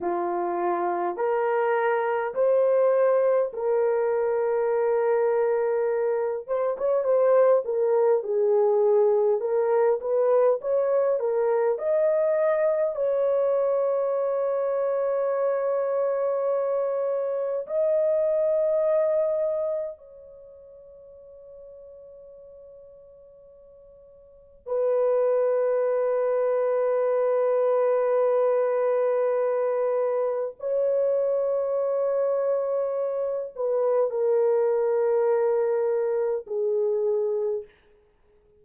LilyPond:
\new Staff \with { instrumentName = "horn" } { \time 4/4 \tempo 4 = 51 f'4 ais'4 c''4 ais'4~ | ais'4. c''16 cis''16 c''8 ais'8 gis'4 | ais'8 b'8 cis''8 ais'8 dis''4 cis''4~ | cis''2. dis''4~ |
dis''4 cis''2.~ | cis''4 b'2.~ | b'2 cis''2~ | cis''8 b'8 ais'2 gis'4 | }